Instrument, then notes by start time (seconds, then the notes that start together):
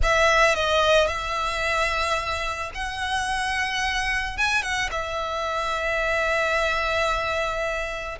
violin
0.02 E5
0.55 D#5
1.07 E5
2.74 F#5
4.37 G#5
4.62 F#5
4.91 E5